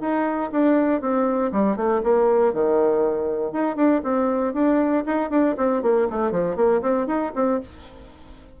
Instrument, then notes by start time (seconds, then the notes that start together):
bassoon
0.00 D#4
0.51 D4
1.01 C4
1.52 G3
1.76 A3
2.03 A#3
2.53 D#3
3.52 D#4
3.76 D4
4.03 C4
4.53 D4
5.06 D#4
5.30 D4
5.57 C4
5.82 A#3
6.09 A3
6.31 F3
6.56 A#3
6.81 C4
7.06 D#4
7.35 C4